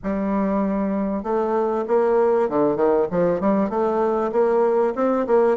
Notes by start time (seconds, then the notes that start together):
0.03 G3
1.23 A3
1.87 A#3
2.49 D3
2.76 D#3
3.10 F3
3.40 G3
3.69 A3
4.32 A#3
4.95 C4
5.26 A#3